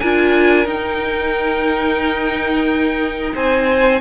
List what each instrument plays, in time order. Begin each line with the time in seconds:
0.00 cello D4, viola F4, violin A#4 G#5
0.65 viola D#4, cello D#4, violin G5
3.35 cello C4, violin C5 G#5